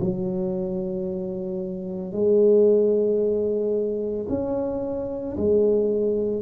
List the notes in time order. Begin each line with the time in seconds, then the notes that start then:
0.00 F#3
2.12 G#3
4.29 C#4
5.37 G#3